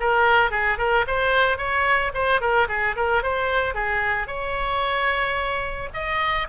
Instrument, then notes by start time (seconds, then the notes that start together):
oboe
0.00 A#4
0.51 G#4
0.78 A#4
1.07 C5
1.57 C#5
2.14 C5
2.41 A#4
2.68 G#4
2.96 A#4
3.23 C5
3.74 G#4
4.27 C#5
5.93 D#5